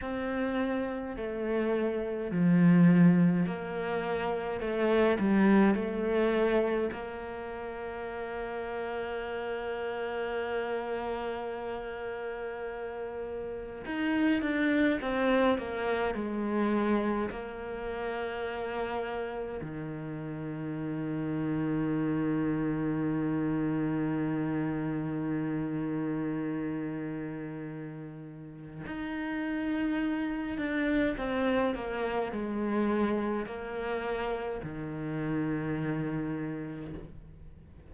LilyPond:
\new Staff \with { instrumentName = "cello" } { \time 4/4 \tempo 4 = 52 c'4 a4 f4 ais4 | a8 g8 a4 ais2~ | ais1 | dis'8 d'8 c'8 ais8 gis4 ais4~ |
ais4 dis2.~ | dis1~ | dis4 dis'4. d'8 c'8 ais8 | gis4 ais4 dis2 | }